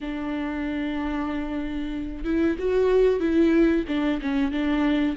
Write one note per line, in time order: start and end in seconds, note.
0.00 2.24 D4
2.24 2.56 E4
2.58 3.20 F#4
3.20 3.84 E4
3.88 4.20 D4
4.21 4.51 C#4
4.51 5.16 D4